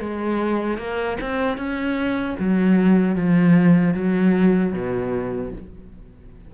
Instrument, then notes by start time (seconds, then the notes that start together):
cello
0.00 G#3
0.78 A#3
1.21 C4
1.57 C#4
2.39 F#3
3.15 F3
3.94 F#3
4.73 B2